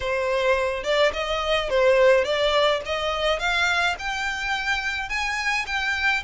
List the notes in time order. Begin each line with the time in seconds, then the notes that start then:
0.00 C5
0.83 D5
1.13 D#5
1.69 C5
2.24 D5
2.85 D#5
3.39 F5
3.99 G5
5.09 G#5
5.66 G5